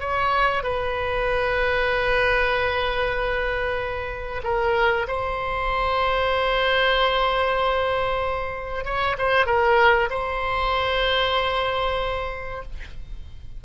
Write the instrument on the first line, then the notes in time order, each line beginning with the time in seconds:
oboe
0.00 C#5
0.63 B4
4.44 A#4
5.08 C5
8.84 C#5
9.18 C5
9.46 A#4
10.10 C5